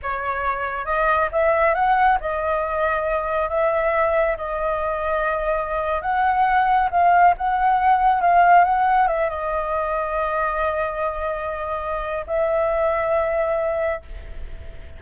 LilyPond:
\new Staff \with { instrumentName = "flute" } { \time 4/4 \tempo 4 = 137 cis''2 dis''4 e''4 | fis''4 dis''2. | e''2 dis''2~ | dis''4.~ dis''16 fis''2 f''16~ |
f''8. fis''2 f''4 fis''16~ | fis''8. e''8 dis''2~ dis''8.~ | dis''1 | e''1 | }